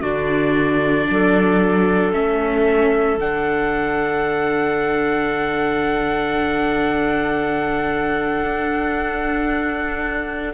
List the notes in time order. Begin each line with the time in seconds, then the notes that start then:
0.00 D3 D4 F#4 D5
1.10 F#3 A4
2.13 A3 C#4 E5
3.18 D3 D4 F#5
8.43 D4